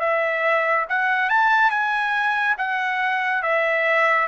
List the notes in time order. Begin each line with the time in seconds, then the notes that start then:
0.00 E5
0.89 F#5
1.29 A5
1.70 G#5
2.58 F#5
3.43 E5